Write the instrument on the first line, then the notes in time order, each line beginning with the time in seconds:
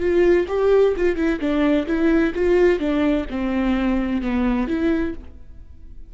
viola
0.00 F4
0.48 G4
0.96 F4
1.16 E4
1.40 D4
1.87 E4
2.35 F4
2.79 D4
3.30 C4
4.22 B3
4.68 E4